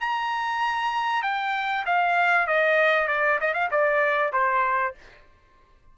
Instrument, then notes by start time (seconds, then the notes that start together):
trumpet
0.00 A#5
1.22 G5
1.86 F5
2.47 D#5
3.08 D5
3.40 D#5
3.54 F5
3.71 D5
4.33 C5